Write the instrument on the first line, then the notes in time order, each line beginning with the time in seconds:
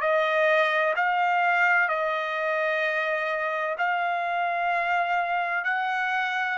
trumpet
0.00 D#5
0.96 F5
1.88 D#5
3.78 F5
5.64 F#5